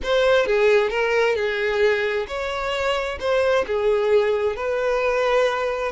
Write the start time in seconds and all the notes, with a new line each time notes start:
0.03 C5
0.46 G#4
0.90 A#4
1.35 G#4
2.27 C#5
3.19 C5
3.66 G#4
4.56 B4